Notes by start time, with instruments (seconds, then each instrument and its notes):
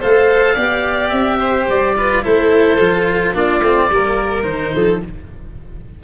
0.00 tuba A3, cello A4, violin C5, oboe F5
0.55 tuba B3, cello G4, violin D5
1.10 tuba C4, oboe E5
1.40 violin C5
1.69 tuba G3, oboe D5
1.97 cello F4, violin B4
2.23 tuba A3, cello E4, violin A4, oboe C5
2.80 tuba F3, cello F4
3.34 tuba A#3, cello D4, violin F4, oboe D5
3.61 tuba A3, cello C4
3.90 tuba G3, cello A#3, violin A#4
4.43 tuba D#3, cello D#4, oboe C5
4.75 tuba F3, violin A4